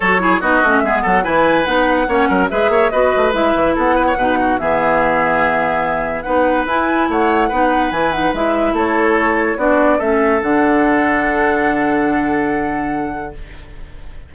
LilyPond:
<<
  \new Staff \with { instrumentName = "flute" } { \time 4/4 \tempo 4 = 144 cis''4 dis''4 e''8 fis''8 gis''4 | fis''2 e''4 dis''4 | e''4 fis''2 e''4~ | e''2. fis''4 |
gis''4 fis''2 gis''8 fis''8 | e''4 cis''2 d''4 | e''4 fis''2.~ | fis''1 | }
  \new Staff \with { instrumentName = "oboe" } { \time 4/4 a'8 gis'8 fis'4 gis'8 a'8 b'4~ | b'4 cis''8 ais'8 b'8 cis''8 b'4~ | b'4 a'8 b'16 cis''16 b'8 fis'8 gis'4~ | gis'2. b'4~ |
b'4 cis''4 b'2~ | b'4 a'2 fis'4 | a'1~ | a'1 | }
  \new Staff \with { instrumentName = "clarinet" } { \time 4/4 fis'8 e'8 dis'8 cis'8 b4 e'4 | dis'4 cis'4 gis'4 fis'4 | e'2 dis'4 b4~ | b2. dis'4 |
e'2 dis'4 e'8 dis'8 | e'2. d'4 | cis'4 d'2.~ | d'1 | }
  \new Staff \with { instrumentName = "bassoon" } { \time 4/4 fis4 b8 a8 gis8 fis8 e4 | b4 ais8 fis8 gis8 ais8 b8 a8 | gis8 e8 b4 b,4 e4~ | e2. b4 |
e'4 a4 b4 e4 | gis4 a2 b4 | a4 d2.~ | d1 | }
>>